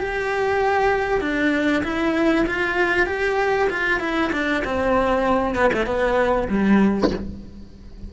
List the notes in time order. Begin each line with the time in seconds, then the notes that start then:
0.00 G4
1.21 D4
1.84 E4
2.47 F4
3.07 G4
3.70 F4
4.01 E4
4.33 D4
4.65 C4
5.56 B3
5.74 A3
5.87 B3
6.49 G3